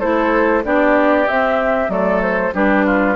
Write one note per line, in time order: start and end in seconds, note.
0.00 0.65 A3
0.00 0.64 E4
0.00 0.63 A4
0.00 0.64 C5
0.64 1.28 B3
0.64 1.27 D4
0.64 1.92 G4
0.64 1.28 D5
1.28 1.89 C4
1.28 1.90 E5
1.89 2.52 F#3
1.89 2.53 A3
1.89 2.54 A4
1.89 2.22 D5
2.23 2.54 C5
2.54 3.17 G3
2.54 3.17 D4
2.54 2.86 G4
2.54 3.17 B4
2.86 3.17 F4